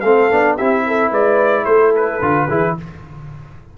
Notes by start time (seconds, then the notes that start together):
0.00 A3 C4 A4 F5
0.31 B3 D4
0.56 C4 E4 G4 E5
0.86 A4
1.10 G#3 B4 D5
1.65 A3 A4 C5
1.96 B4
2.21 D3 F4
2.48 E3 E4 G#4